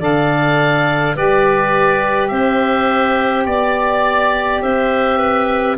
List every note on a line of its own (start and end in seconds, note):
0.00 1.15 D3
0.00 1.15 A4
0.00 1.15 D5
0.00 1.17 F5
1.15 2.31 G3
1.15 5.76 G4
1.15 2.31 B4
1.15 2.28 D5
2.28 3.46 C4
2.28 3.46 C5
2.28 3.44 E5
3.46 4.61 B3
3.46 4.61 D5
3.46 4.62 D5
4.62 5.77 C4
4.62 5.18 C5
4.62 5.77 E5
5.18 5.75 B4